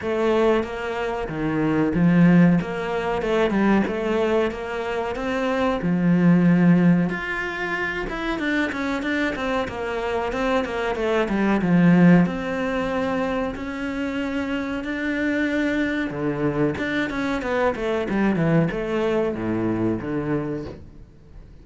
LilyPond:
\new Staff \with { instrumentName = "cello" } { \time 4/4 \tempo 4 = 93 a4 ais4 dis4 f4 | ais4 a8 g8 a4 ais4 | c'4 f2 f'4~ | f'8 e'8 d'8 cis'8 d'8 c'8 ais4 |
c'8 ais8 a8 g8 f4 c'4~ | c'4 cis'2 d'4~ | d'4 d4 d'8 cis'8 b8 a8 | g8 e8 a4 a,4 d4 | }